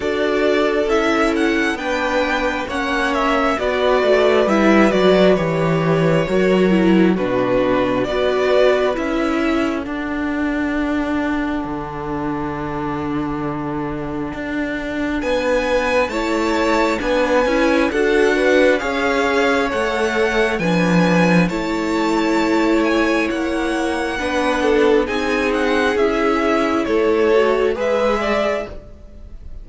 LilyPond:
<<
  \new Staff \with { instrumentName = "violin" } { \time 4/4 \tempo 4 = 67 d''4 e''8 fis''8 g''4 fis''8 e''8 | d''4 e''8 d''8 cis''2 | b'4 d''4 e''4 fis''4~ | fis''1~ |
fis''4 gis''4 a''4 gis''4 | fis''4 f''4 fis''4 gis''4 | a''4. gis''8 fis''2 | gis''8 fis''8 e''4 cis''4 e''4 | }
  \new Staff \with { instrumentName = "violin" } { \time 4/4 a'2 b'4 cis''4 | b'2. ais'4 | fis'4 b'4. a'4.~ | a'1~ |
a'4 b'4 cis''4 b'4 | a'8 b'8 cis''2 b'4 | cis''2. b'8 a'8 | gis'2 a'4 b'8 d''8 | }
  \new Staff \with { instrumentName = "viola" } { \time 4/4 fis'4 e'4 d'4 cis'4 | fis'4 e'8 fis'8 g'4 fis'8 e'8 | d'4 fis'4 e'4 d'4~ | d'1~ |
d'2 e'4 d'8 e'8 | fis'4 gis'4 a'4 d'4 | e'2. d'4 | dis'4 e'4. fis'8 gis'4 | }
  \new Staff \with { instrumentName = "cello" } { \time 4/4 d'4 cis'4 b4 ais4 | b8 a8 g8 fis8 e4 fis4 | b,4 b4 cis'4 d'4~ | d'4 d2. |
d'4 b4 a4 b8 cis'8 | d'4 cis'4 a4 f4 | a2 ais4 b4 | c'4 cis'4 a4 gis4 | }
>>